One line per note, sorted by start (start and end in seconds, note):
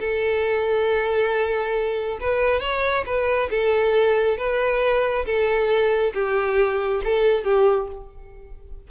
0.00 2.19 A4
2.20 2.61 B4
2.61 3.04 C#5
3.06 3.50 B4
3.50 4.38 A4
4.38 5.25 B4
5.26 6.13 A4
6.14 7.02 G4
7.04 7.44 A4
7.44 7.88 G4